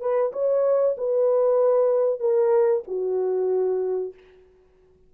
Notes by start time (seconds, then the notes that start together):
0.00 B4
0.32 C#5
0.97 B4
2.20 A#4
2.87 F#4